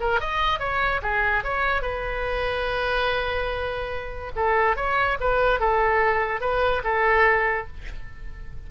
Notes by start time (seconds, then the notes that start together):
0.00 A#4
0.20 D#5
0.59 C#5
1.02 G#4
1.44 C#5
1.82 B4
4.36 A4
4.76 C#5
5.20 B4
5.60 A4
6.41 B4
6.84 A4